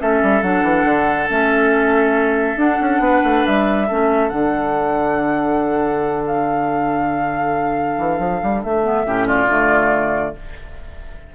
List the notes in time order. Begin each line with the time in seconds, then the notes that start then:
0.00 A3 C#4 A4 E5
0.23 G3
0.43 F#3 D4 F#5
0.63 E3
0.85 D3
1.29 A3 C#4 E5
2.57 D4 F#5
2.81 C#4
3.00 B3 B4
3.24 A3
3.47 G3 E5
3.88 A3 C#4 A4
4.30 D3 D4 F#5
6.27 F5
7.98 E3
8.20 F3
8.44 G3
8.63 A3 E5
8.84 B3
9.05 A2 C#4 G4
9.27 F4 D5
9.47 D3 A3